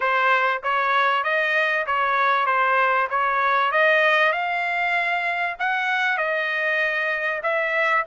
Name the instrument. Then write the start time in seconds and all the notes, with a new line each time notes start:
trumpet
0.00 C5
0.63 C#5
1.23 D#5
1.86 C#5
2.46 C5
3.10 C#5
3.71 D#5
4.32 F5
5.59 F#5
6.17 D#5
7.42 E5